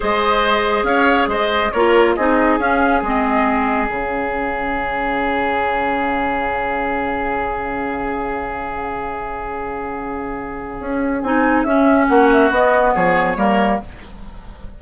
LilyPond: <<
  \new Staff \with { instrumentName = "flute" } { \time 4/4 \tempo 4 = 139 dis''2 f''4 dis''4 | cis''4 dis''4 f''4 dis''4~ | dis''4 f''2.~ | f''1~ |
f''1~ | f''1~ | f''2 gis''4 e''4 | fis''8 e''8 dis''4 cis''2 | }
  \new Staff \with { instrumentName = "oboe" } { \time 4/4 c''2 cis''4 c''4 | ais'4 gis'2.~ | gis'1~ | gis'1~ |
gis'1~ | gis'1~ | gis'1 | fis'2 gis'4 ais'4 | }
  \new Staff \with { instrumentName = "clarinet" } { \time 4/4 gis'1 | f'4 dis'4 cis'4 c'4~ | c'4 cis'2.~ | cis'1~ |
cis'1~ | cis'1~ | cis'2 dis'4 cis'4~ | cis'4 b2 ais4 | }
  \new Staff \with { instrumentName = "bassoon" } { \time 4/4 gis2 cis'4 gis4 | ais4 c'4 cis'4 gis4~ | gis4 cis2.~ | cis1~ |
cis1~ | cis1~ | cis4 cis'4 c'4 cis'4 | ais4 b4 f4 g4 | }
>>